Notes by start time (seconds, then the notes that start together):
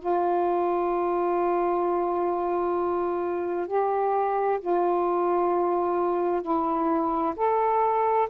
0.00 F4
3.68 G4
4.61 F4
6.42 E4
7.36 A4